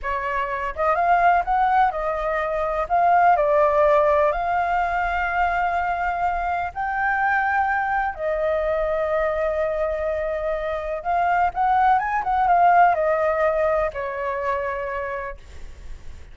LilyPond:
\new Staff \with { instrumentName = "flute" } { \time 4/4 \tempo 4 = 125 cis''4. dis''8 f''4 fis''4 | dis''2 f''4 d''4~ | d''4 f''2.~ | f''2 g''2~ |
g''4 dis''2.~ | dis''2. f''4 | fis''4 gis''8 fis''8 f''4 dis''4~ | dis''4 cis''2. | }